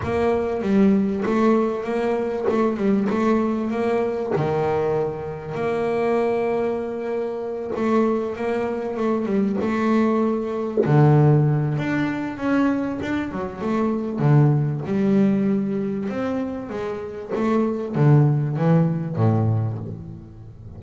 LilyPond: \new Staff \with { instrumentName = "double bass" } { \time 4/4 \tempo 4 = 97 ais4 g4 a4 ais4 | a8 g8 a4 ais4 dis4~ | dis4 ais2.~ | ais8 a4 ais4 a8 g8 a8~ |
a4. d4. d'4 | cis'4 d'8 fis8 a4 d4 | g2 c'4 gis4 | a4 d4 e4 a,4 | }